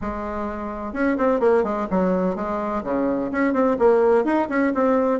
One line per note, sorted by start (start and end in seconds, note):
0.01 0.93 G#3
0.93 1.16 C#4
1.17 1.40 C4
1.40 1.63 A#3
1.63 1.87 G#3
1.90 2.35 F#3
2.35 2.83 G#3
2.83 3.31 C#3
3.31 3.53 C#4
3.53 3.76 C4
3.78 4.24 A#3
4.24 4.48 D#4
4.49 4.72 C#4
4.74 5.20 C4